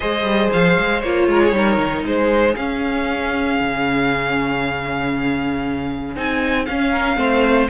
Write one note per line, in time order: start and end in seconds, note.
0.00 0.23 G#3
0.00 1.02 G#4
0.00 1.28 C5
0.00 0.50 D#5
0.23 0.49 G3
0.53 0.79 F3
0.53 1.01 F5
0.79 1.03 G#3
1.01 1.27 A#3
1.01 1.53 F4
1.01 2.03 C#5
1.27 1.52 G#3
1.27 1.42 A#4
1.42 1.55 G#4
1.52 1.77 G3
1.52 2.55 D#4
1.52 2.06 A#4
1.78 2.04 D#3
2.04 2.55 G#3
2.04 6.91 G#4
2.04 2.56 C5
2.56 3.59 C#4
2.56 6.15 C#4
2.56 6.15 F5
3.60 6.15 C#3
6.15 6.67 C4
6.15 6.66 D#4
6.15 6.65 G#5
6.65 7.16 C#4
6.65 7.17 C#4
6.65 7.68 F5
6.91 7.17 A#4
7.16 7.68 A3
7.16 7.67 C4
7.16 7.69 C5